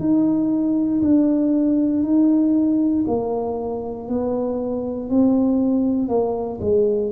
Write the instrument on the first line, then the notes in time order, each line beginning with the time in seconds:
tuba
0.00 D#4
1.02 D4
2.04 D#4
3.07 A#3
4.09 B3
5.10 C4
6.09 A#3
6.61 G#3